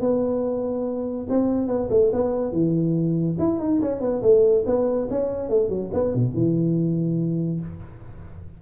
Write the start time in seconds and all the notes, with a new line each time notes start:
0.00 B3
1.29 C4
1.68 B3
1.90 A3
2.13 B3
2.52 E3
3.39 E4
3.60 D#4
3.82 C#4
4.01 B3
4.22 A3
4.66 B3
5.10 C#4
5.49 A3
5.69 F#3
5.93 B3
6.15 B2
6.34 E3